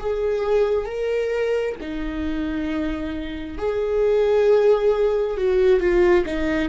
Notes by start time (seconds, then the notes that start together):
0.00 G#4
0.86 A#4
1.81 D#4
3.58 G#4
5.37 F#4
5.80 F4
6.26 D#4